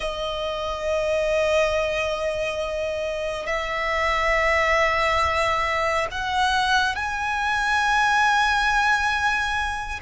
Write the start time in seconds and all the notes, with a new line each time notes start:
0.00 D#5
3.46 E5
6.11 F#5
6.95 G#5